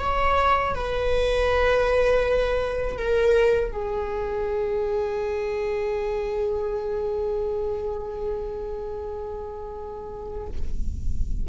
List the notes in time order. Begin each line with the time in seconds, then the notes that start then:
0.00 C#5
0.75 B4
2.98 A#4
3.72 G#4